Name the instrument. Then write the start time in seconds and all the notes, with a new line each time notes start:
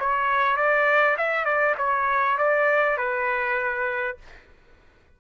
trumpet
0.00 C#5
0.57 D5
1.18 E5
1.46 D5
1.78 C#5
2.38 D5
2.98 B4